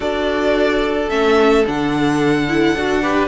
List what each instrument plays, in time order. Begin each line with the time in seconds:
0.00 cello D4, viola F#4, violin A4 D5
1.09 cello A3, viola C#4, violin E5
1.66 cello D3, viola D4, violin F#5
2.48 viola E4
2.75 cello D4, viola F#4
3.02 viola G4, violin B4